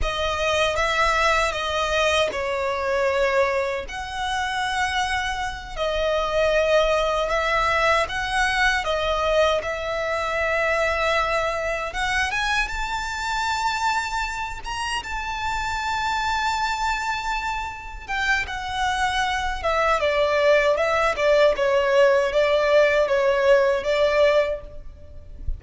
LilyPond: \new Staff \with { instrumentName = "violin" } { \time 4/4 \tempo 4 = 78 dis''4 e''4 dis''4 cis''4~ | cis''4 fis''2~ fis''8 dis''8~ | dis''4. e''4 fis''4 dis''8~ | dis''8 e''2. fis''8 |
gis''8 a''2~ a''8 ais''8 a''8~ | a''2.~ a''8 g''8 | fis''4. e''8 d''4 e''8 d''8 | cis''4 d''4 cis''4 d''4 | }